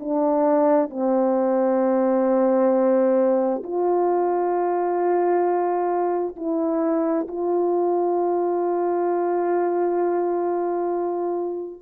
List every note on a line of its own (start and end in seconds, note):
0.00 0.90 D4
0.90 3.62 C4
3.63 6.36 F4
6.36 7.27 E4
7.28 11.81 F4